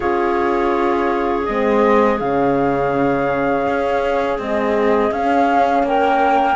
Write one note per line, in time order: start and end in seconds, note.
0.00 1.48 C#4
0.00 1.46 F4
0.00 5.85 G#4
0.00 1.45 C#5
1.45 2.21 G#3
1.45 2.20 C4
1.45 2.18 D#5
2.19 3.67 C#3
2.19 4.39 C#4
2.19 4.38 F5
3.67 4.38 C#4
4.38 5.12 G#3
4.38 5.11 C4
4.38 5.12 D#5
5.11 5.82 C#4
5.11 6.56 C#4
5.11 5.85 F5
5.82 6.56 A#3
5.82 6.56 A#4
5.82 6.56 G5